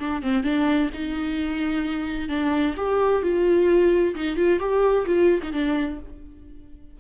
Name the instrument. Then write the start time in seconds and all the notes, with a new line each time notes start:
viola
0.00 D4
0.23 C4
0.44 D4
0.94 D#4
2.29 D4
2.77 G4
3.23 F4
4.16 D#4
4.37 F4
4.60 G4
5.06 F4
5.43 D#4
5.53 D4